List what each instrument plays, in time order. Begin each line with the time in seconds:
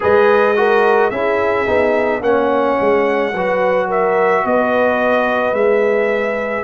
0.00 tuba G#3, trombone G#4, horn B4, trumpet D#5
0.56 trombone F#4, horn A#4
1.10 tuba C#4, trombone E4, horn G#4, trumpet E5
1.66 tuba B3, trombone D#4
2.20 tuba A#3, trombone C#4, horn C#5, trumpet F#5
2.80 tuba G#3
3.33 tuba F#3, trombone F#4, horn B4
3.86 horn A#4, trumpet E5
4.44 tuba B3, horn B4, trumpet D#5
5.53 tuba G#3, trombone G#4, trumpet E5